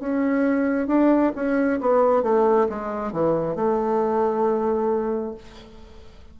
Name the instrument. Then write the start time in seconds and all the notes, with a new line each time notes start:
bassoon
0.00 C#4
0.88 D4
1.36 C#4
1.81 B3
2.23 A3
2.69 G#3
3.13 E3
3.56 A3